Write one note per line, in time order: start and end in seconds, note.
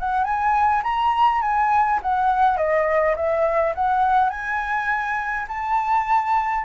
0.00 0.25 F#5
0.25 0.83 G#5
0.84 1.42 A#5
1.42 2.00 G#5
2.03 2.58 F#5
2.58 3.16 D#5
3.16 3.75 E5
3.75 4.30 F#5
4.30 5.47 G#5
5.48 6.65 A5